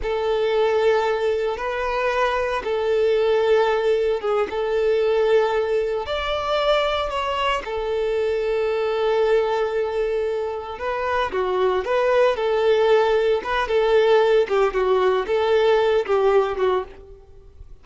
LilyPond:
\new Staff \with { instrumentName = "violin" } { \time 4/4 \tempo 4 = 114 a'2. b'4~ | b'4 a'2. | gis'8 a'2. d''8~ | d''4. cis''4 a'4.~ |
a'1~ | a'8 b'4 fis'4 b'4 a'8~ | a'4. b'8 a'4. g'8 | fis'4 a'4. g'4 fis'8 | }